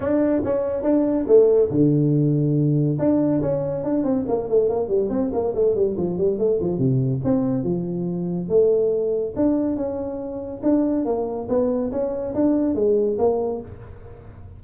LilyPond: \new Staff \with { instrumentName = "tuba" } { \time 4/4 \tempo 4 = 141 d'4 cis'4 d'4 a4 | d2. d'4 | cis'4 d'8 c'8 ais8 a8 ais8 g8 | c'8 ais8 a8 g8 f8 g8 a8 f8 |
c4 c'4 f2 | a2 d'4 cis'4~ | cis'4 d'4 ais4 b4 | cis'4 d'4 gis4 ais4 | }